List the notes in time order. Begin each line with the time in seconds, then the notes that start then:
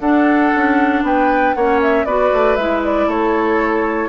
0.00 D4 A4 F#5
0.55 C#4
1.02 B3 B4 G5
1.54 A#3 C#4 C#5 F#5
1.82 E5
2.04 B3 F#4 B4 D5
2.33 A3
2.56 G#3 E4 E5
2.84 D5
3.07 A3 A4 C#5